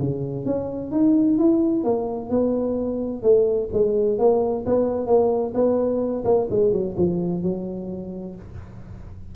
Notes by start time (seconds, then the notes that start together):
0.00 C#3
0.46 C#4
0.92 D#4
1.39 E4
1.84 A#3
2.30 B3
3.23 A3
3.74 G#3
4.19 A#3
4.66 B3
5.07 A#3
5.55 B3
6.25 A#3
6.51 G#3
6.72 F#3
6.97 F3
7.43 F#3